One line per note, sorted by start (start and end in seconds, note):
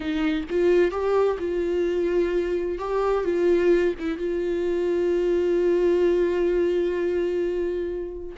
0.00 0.44 D#4
0.50 0.91 F4
0.91 1.37 G4
1.38 2.78 F4
2.78 3.24 G4
3.24 3.94 F4
3.99 4.17 E4
4.17 8.36 F4